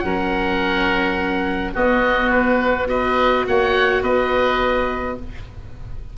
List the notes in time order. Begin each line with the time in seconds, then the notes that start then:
0.00 F#3 C#4 A#4 F#5
1.74 B3 F#4 D#5
2.31 B4
2.88 F#4 B4 D#5
3.47 A#3 C#5 F#5
4.02 B3 B4 D#5